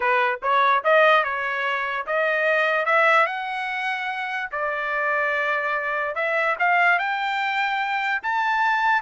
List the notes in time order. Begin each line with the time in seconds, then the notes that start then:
0.00 B4
0.42 C#5
0.84 D#5
1.23 C#5
2.06 D#5
2.85 E5
3.26 F#5
4.51 D5
6.15 E5
6.59 F5
6.98 G5
8.22 A5